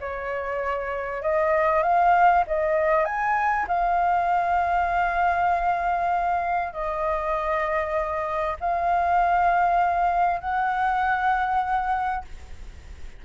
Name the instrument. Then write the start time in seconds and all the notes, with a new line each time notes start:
flute
0.00 C#5
1.22 D#5
1.83 F5
2.47 D#5
3.05 G#5
3.68 F5
6.73 D#5
8.60 F5
10.41 F#5